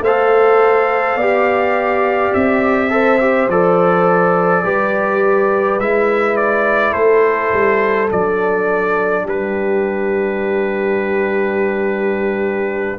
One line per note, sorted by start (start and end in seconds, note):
0.00 1.15 A3
0.00 1.17 C5
0.00 2.33 F5
0.06 1.21 A4
1.15 2.31 B3
1.15 2.90 G4
1.15 2.90 D5
2.33 3.48 C4
2.33 3.49 E5
2.90 3.19 A4
2.90 4.64 C5
3.21 3.50 G4
3.48 4.63 F3
3.48 4.64 A4
3.48 5.80 D5
4.64 5.79 G3
4.64 5.80 G4
4.64 6.92 B4
5.79 6.94 G#3
5.79 8.08 E4
5.79 6.37 E5
6.37 6.93 D5
6.92 7.51 A3
6.92 9.23 A4
6.92 8.09 C5
7.53 8.11 G3
8.08 9.26 F#3
8.08 12.99 D4
8.08 9.26 D5
9.24 12.99 G3
9.24 12.99 G4
9.24 12.99 B4